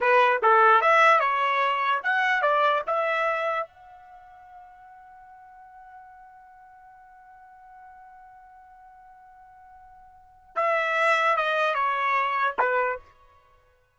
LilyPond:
\new Staff \with { instrumentName = "trumpet" } { \time 4/4 \tempo 4 = 148 b'4 a'4 e''4 cis''4~ | cis''4 fis''4 d''4 e''4~ | e''4 fis''2.~ | fis''1~ |
fis''1~ | fis''1~ | fis''2 e''2 | dis''4 cis''2 b'4 | }